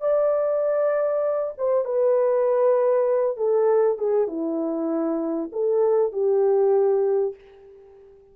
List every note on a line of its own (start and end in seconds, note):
0.00 1.53 D5
1.57 1.85 C5
1.85 3.36 B4
3.36 3.98 A4
3.98 4.27 G#4
4.27 5.50 E4
5.52 6.12 A4
6.12 7.35 G4